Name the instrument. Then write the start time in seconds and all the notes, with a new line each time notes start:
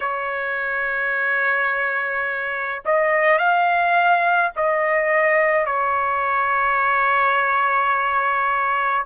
trumpet
0.00 C#5
2.85 D#5
3.38 F5
4.55 D#5
5.66 C#5